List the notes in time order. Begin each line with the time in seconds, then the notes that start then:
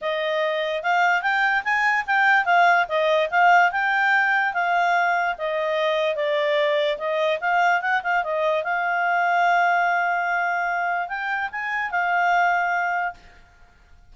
0.01 D#5
0.83 F5
1.22 G5
1.64 G#5
2.06 G5
2.45 F5
2.88 D#5
3.30 F5
3.71 G5
4.53 F5
5.38 D#5
6.15 D5
6.98 D#5
7.40 F5
7.81 F#5
8.03 F5
8.23 D#5
8.63 F5
11.08 G5
11.51 G#5
11.90 F5